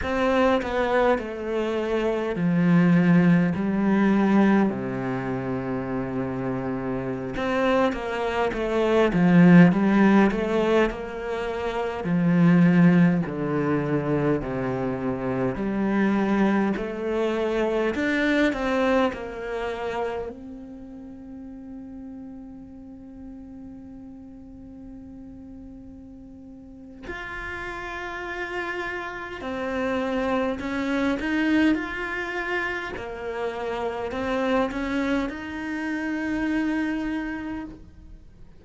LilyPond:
\new Staff \with { instrumentName = "cello" } { \time 4/4 \tempo 4 = 51 c'8 b8 a4 f4 g4 | c2~ c16 c'8 ais8 a8 f16~ | f16 g8 a8 ais4 f4 d8.~ | d16 c4 g4 a4 d'8 c'16~ |
c'16 ais4 c'2~ c'8.~ | c'2. f'4~ | f'4 c'4 cis'8 dis'8 f'4 | ais4 c'8 cis'8 dis'2 | }